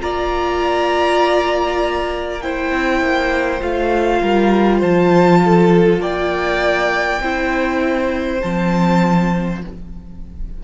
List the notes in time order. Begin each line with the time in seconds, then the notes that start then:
0.00 A#3 F4 D5 A#5
2.41 E4 C5 G5
2.71 C4
3.00 A#3
3.60 A3 F4 F5
4.21 G3 A#4
4.79 F3 C5 A5
5.44 A4
5.99 A#3 D5 G5
7.20 C4 E4 C5
8.41 F3 C4 A5